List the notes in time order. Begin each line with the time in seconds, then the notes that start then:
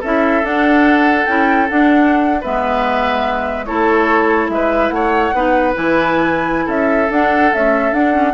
0.00 C#4 E4 A4 E5
0.43 D4 F#5
1.26 C#4 E4 G5
1.69 D4 F#5
2.41 G#3 B3 B4 E5
3.65 A3 E4 A4 C#5
4.49 G#3 B4 E5
4.90 A3 C#5 F#5
5.33 B3 D#4 B4
5.74 E3 E4 G#5
6.65 C#4 A4 E5
7.10 D4 F#5
7.53 A3 C#4 E5
7.93 D4 F#5
8.12 C#4